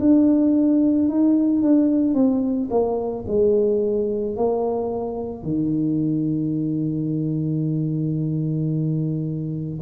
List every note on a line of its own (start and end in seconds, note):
0.00 1.09 D4
1.09 1.63 D#4
1.63 2.15 D4
2.15 2.69 C4
2.71 3.26 A#3
3.28 4.36 G#3
4.36 5.43 A#3
5.43 9.80 D#3